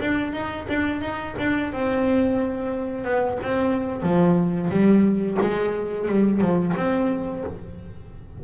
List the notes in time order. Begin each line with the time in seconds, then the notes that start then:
0.00 D4
0.33 D#4
0.68 D4
1.01 D#4
1.39 D4
1.72 C4
3.04 B3
3.42 C4
4.02 F3
4.70 G3
5.41 G#3
6.09 G3
6.41 F3
6.76 C4